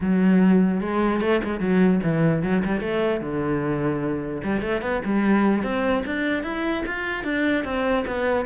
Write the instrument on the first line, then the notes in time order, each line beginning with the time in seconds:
cello
0.00 F#3
0.81 G#3
1.20 A3
1.43 G#3
1.60 F#3
2.03 E3
2.42 F#3
2.64 G3
2.80 A3
3.20 D3
4.43 G3
4.61 A3
4.81 B3
5.04 G3
5.63 C4
6.06 D4
6.43 E4
6.86 F4
7.24 D4
7.64 C4
8.06 B3